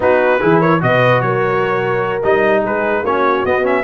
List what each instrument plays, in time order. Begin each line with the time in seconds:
0.00 tuba B3, trombone D#4, horn F#4, trumpet B4
0.40 tuba E3, trombone E4, horn G#4
0.59 horn A#4, trumpet C#5
0.80 tuba B2, trombone F#4, horn B4, trumpet D#5
1.21 tuba F#3, horn A#4, trumpet C#5
2.23 tuba G3, trombone D#4, trumpet D#5
2.62 tuba G#3, horn G#4, trumpet B4
3.03 tuba A#3, trombone C#4, horn F#4, trumpet C#5
3.45 tuba B3, trombone B3, trumpet D#5
3.63 trombone C#4, trumpet E5